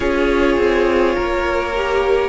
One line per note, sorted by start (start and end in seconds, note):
0.00 0.57 C#4
0.00 1.73 F4
0.00 1.15 G#4
0.00 2.29 C#5
0.57 1.15 C4
1.15 2.29 A#3
1.15 2.29 A#4
1.75 2.29 G4